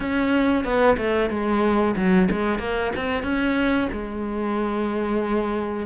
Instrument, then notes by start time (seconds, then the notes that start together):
cello
0.00 C#4
0.64 B3
0.97 A3
1.30 G#3
1.96 F#3
2.30 G#3
2.58 A#3
2.96 C4
3.23 C#4
3.92 G#3